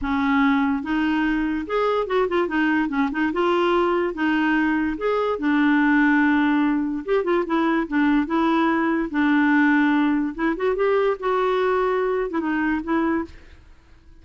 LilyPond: \new Staff \with { instrumentName = "clarinet" } { \time 4/4 \tempo 4 = 145 cis'2 dis'2 | gis'4 fis'8 f'8 dis'4 cis'8 dis'8 | f'2 dis'2 | gis'4 d'2.~ |
d'4 g'8 f'8 e'4 d'4 | e'2 d'2~ | d'4 e'8 fis'8 g'4 fis'4~ | fis'4.~ fis'16 e'16 dis'4 e'4 | }